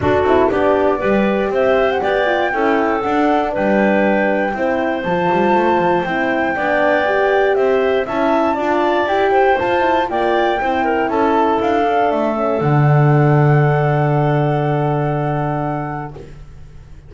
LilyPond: <<
  \new Staff \with { instrumentName = "flute" } { \time 4/4 \tempo 4 = 119 a'4 d''2 e''8. fis''16 | g''2 fis''4 g''4~ | g''2 a''2 | g''2. e''4 |
a''2 g''4 a''4 | g''2 a''4 f''4 | e''4 fis''2.~ | fis''1 | }
  \new Staff \with { instrumentName = "clarinet" } { \time 4/4 fis'4 g'4 b'4 c''4 | d''4 a'2 b'4~ | b'4 c''2.~ | c''4 d''2 c''4 |
e''4 d''4. c''4. | d''4 c''8 ais'8 a'2~ | a'1~ | a'1 | }
  \new Staff \with { instrumentName = "horn" } { \time 4/4 d'8 e'8 d'4 g'2~ | g'8 f'8 e'4 d'2~ | d'4 e'4 f'2 | e'4 d'4 g'2 |
e'4 f'4 g'4 f'8 e'8 | f'4 e'2~ e'8 d'8~ | d'8 cis'8 d'2.~ | d'1 | }
  \new Staff \with { instrumentName = "double bass" } { \time 4/4 d'8 c'8 b4 g4 c'4 | b4 cis'4 d'4 g4~ | g4 c'4 f8 g8 a8 f8 | c'4 b2 c'4 |
cis'4 d'4 e'4 f'4 | ais4 c'4 cis'4 d'4 | a4 d2.~ | d1 | }
>>